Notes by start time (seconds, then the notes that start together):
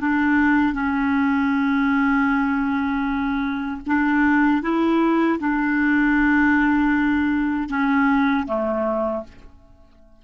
0.00 D4
0.73 C#4
3.86 D4
4.62 E4
5.39 D4
7.69 C#4
8.46 A3